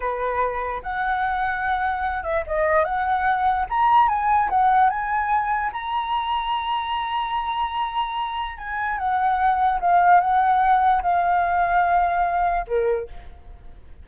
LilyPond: \new Staff \with { instrumentName = "flute" } { \time 4/4 \tempo 4 = 147 b'2 fis''2~ | fis''4. e''8 dis''4 fis''4~ | fis''4 ais''4 gis''4 fis''4 | gis''2 ais''2~ |
ais''1~ | ais''4 gis''4 fis''2 | f''4 fis''2 f''4~ | f''2. ais'4 | }